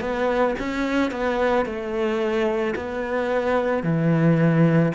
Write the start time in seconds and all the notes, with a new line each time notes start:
0.00 B3
0.60 C#4
1.11 B3
1.66 A3
2.76 B3
3.83 E3